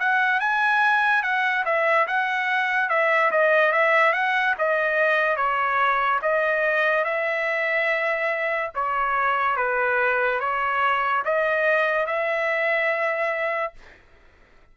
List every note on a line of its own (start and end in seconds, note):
0.00 0.40 F#5
0.40 1.23 G#5
1.23 1.65 F#5
1.66 2.07 E5
2.08 2.89 F#5
2.89 3.31 E5
3.31 3.72 D#5
3.72 4.13 E5
4.13 4.55 F#5
4.59 5.37 D#5
5.37 6.20 C#5
6.22 7.05 D#5
7.05 8.72 E5
8.75 9.57 C#5
9.57 10.40 B4
10.40 11.23 C#5
11.25 12.07 D#5
12.07 13.73 E5